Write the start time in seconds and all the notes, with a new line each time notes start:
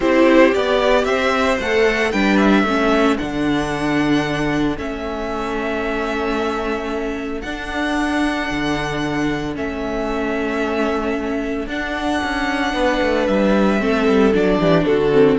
0.00 C4 E4 G4 C5
0.52 B3 G4 D5
1.04 C4 C5 E5
1.59 A3 A4 F#5
2.11 G3 D4 B4 G5
2.37 E5
2.63 A3 C#4 A4
3.18 D3 D4 F#5
4.77 A3 C#4 E5
7.41 D4 F#5
8.50 D3
9.55 A3 C#4 E5
11.67 D4 F#5
12.23 C#4
12.73 B3 B4
13.02 A3
13.27 G3 E5
13.78 A3 C4 A4
14.07 G3
14.33 F#3 D4 D5
14.59 E3 G4
14.84 D3 F#4 A4
15.12 C4